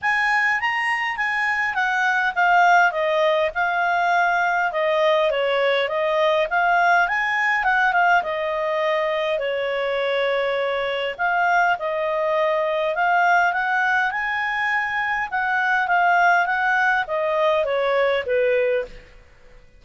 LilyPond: \new Staff \with { instrumentName = "clarinet" } { \time 4/4 \tempo 4 = 102 gis''4 ais''4 gis''4 fis''4 | f''4 dis''4 f''2 | dis''4 cis''4 dis''4 f''4 | gis''4 fis''8 f''8 dis''2 |
cis''2. f''4 | dis''2 f''4 fis''4 | gis''2 fis''4 f''4 | fis''4 dis''4 cis''4 b'4 | }